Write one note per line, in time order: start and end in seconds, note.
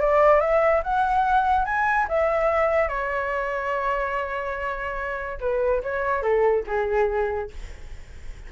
0.00 0.40 D5
0.40 0.82 E5
0.83 1.65 F#5
1.65 2.07 G#5
2.08 2.88 E5
2.88 5.38 C#5
5.40 5.82 B4
5.83 6.22 C#5
6.22 6.64 A4
6.67 7.50 G#4